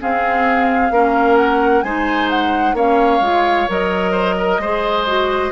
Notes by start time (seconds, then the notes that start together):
0.00 C4 G#4 F5
0.91 A#3 C#4 A#4
1.37 F#5
1.82 G#3 D#4 C5 G#5
2.30 F#5
2.74 A#3 C#4 C#5 F5
3.20 G#3 F4
3.68 F#3 A#4 D#5
4.12 C5
4.38 A#4
4.59 G#3 G#4 C5
5.07 F#4